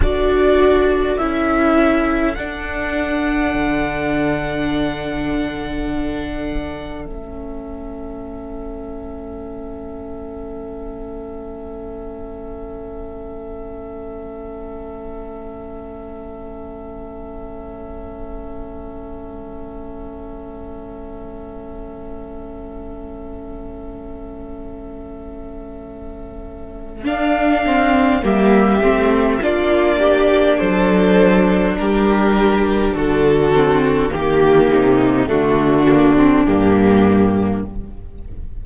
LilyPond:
<<
  \new Staff \with { instrumentName = "violin" } { \time 4/4 \tempo 4 = 51 d''4 e''4 fis''2~ | fis''2 e''2~ | e''1~ | e''1~ |
e''1~ | e''2. f''4 | e''4 d''4 c''4 ais'4 | a'4 g'4 fis'4 g'4 | }
  \new Staff \with { instrumentName = "violin" } { \time 4/4 a'1~ | a'1~ | a'1~ | a'1~ |
a'1~ | a'1 | g'4 f'8 g'8 a'4 g'4 | fis'4 g'8 dis'8 d'2 | }
  \new Staff \with { instrumentName = "viola" } { \time 4/4 fis'4 e'4 d'2~ | d'2 cis'2~ | cis'1~ | cis'1~ |
cis'1~ | cis'2. d'8 c'8 | ais8 c'8 d'2.~ | d'8 c'8 ais4 a8 ais16 c'16 ais4 | }
  \new Staff \with { instrumentName = "cello" } { \time 4/4 d'4 cis'4 d'4 d4~ | d2 a2~ | a1~ | a1~ |
a1~ | a2. d'4 | g8 a8 ais4 fis4 g4 | d4 dis8 c8 d4 g,4 | }
>>